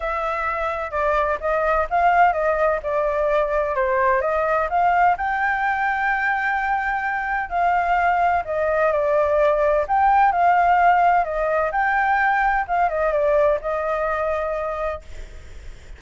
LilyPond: \new Staff \with { instrumentName = "flute" } { \time 4/4 \tempo 4 = 128 e''2 d''4 dis''4 | f''4 dis''4 d''2 | c''4 dis''4 f''4 g''4~ | g''1 |
f''2 dis''4 d''4~ | d''4 g''4 f''2 | dis''4 g''2 f''8 dis''8 | d''4 dis''2. | }